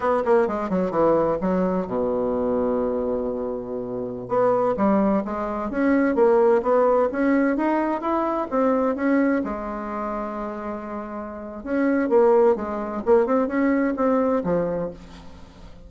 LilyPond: \new Staff \with { instrumentName = "bassoon" } { \time 4/4 \tempo 4 = 129 b8 ais8 gis8 fis8 e4 fis4 | b,1~ | b,4~ b,16 b4 g4 gis8.~ | gis16 cis'4 ais4 b4 cis'8.~ |
cis'16 dis'4 e'4 c'4 cis'8.~ | cis'16 gis2.~ gis8.~ | gis4 cis'4 ais4 gis4 | ais8 c'8 cis'4 c'4 f4 | }